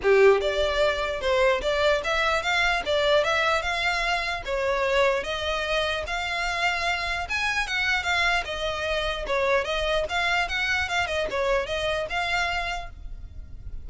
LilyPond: \new Staff \with { instrumentName = "violin" } { \time 4/4 \tempo 4 = 149 g'4 d''2 c''4 | d''4 e''4 f''4 d''4 | e''4 f''2 cis''4~ | cis''4 dis''2 f''4~ |
f''2 gis''4 fis''4 | f''4 dis''2 cis''4 | dis''4 f''4 fis''4 f''8 dis''8 | cis''4 dis''4 f''2 | }